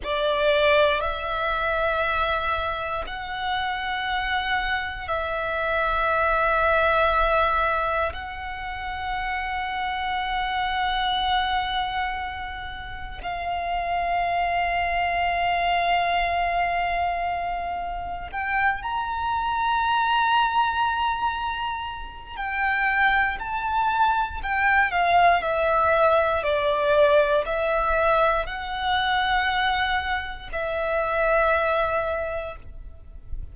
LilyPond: \new Staff \with { instrumentName = "violin" } { \time 4/4 \tempo 4 = 59 d''4 e''2 fis''4~ | fis''4 e''2. | fis''1~ | fis''4 f''2.~ |
f''2 g''8 ais''4.~ | ais''2 g''4 a''4 | g''8 f''8 e''4 d''4 e''4 | fis''2 e''2 | }